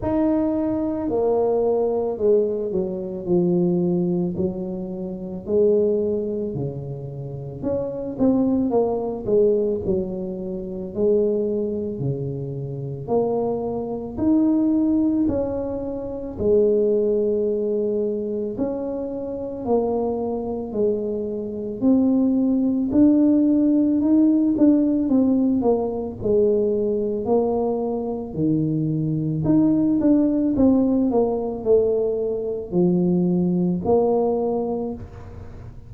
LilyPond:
\new Staff \with { instrumentName = "tuba" } { \time 4/4 \tempo 4 = 55 dis'4 ais4 gis8 fis8 f4 | fis4 gis4 cis4 cis'8 c'8 | ais8 gis8 fis4 gis4 cis4 | ais4 dis'4 cis'4 gis4~ |
gis4 cis'4 ais4 gis4 | c'4 d'4 dis'8 d'8 c'8 ais8 | gis4 ais4 dis4 dis'8 d'8 | c'8 ais8 a4 f4 ais4 | }